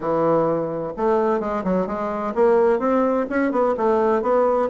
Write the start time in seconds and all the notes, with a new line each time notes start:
0.00 E3
0.97 A3
1.40 G#3
1.64 F#3
1.86 G#3
2.35 A#3
2.79 C4
3.29 C#4
3.51 B3
3.77 A3
4.21 B3